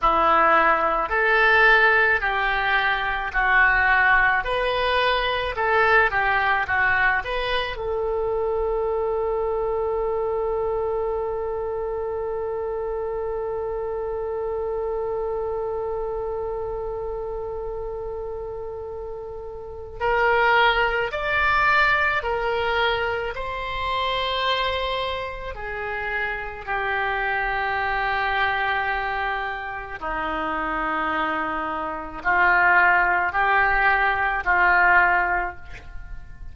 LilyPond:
\new Staff \with { instrumentName = "oboe" } { \time 4/4 \tempo 4 = 54 e'4 a'4 g'4 fis'4 | b'4 a'8 g'8 fis'8 b'8 a'4~ | a'1~ | a'1~ |
a'2 ais'4 d''4 | ais'4 c''2 gis'4 | g'2. dis'4~ | dis'4 f'4 g'4 f'4 | }